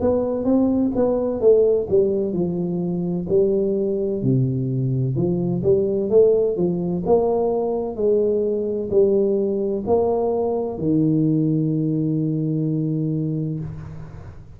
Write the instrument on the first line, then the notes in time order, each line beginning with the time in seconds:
tuba
0.00 B3
0.44 C4
0.95 B3
1.40 A3
1.89 G3
2.32 F3
3.29 G3
4.22 C3
5.15 F3
5.62 G3
6.09 A3
6.56 F3
7.05 A#3
7.96 G#3
8.90 G3
9.87 A#3
10.78 D#3